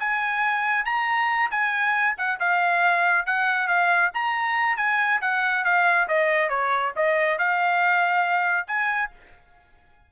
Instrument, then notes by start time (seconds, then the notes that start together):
trumpet
0.00 G#5
0.86 A#5
1.51 G#5
2.18 F#5
2.40 F5
3.26 F#5
3.68 F5
4.14 A#5
4.77 G#5
5.22 F#5
5.65 F5
6.08 D#5
6.50 C#5
6.96 D#5
7.39 F5
8.68 G#5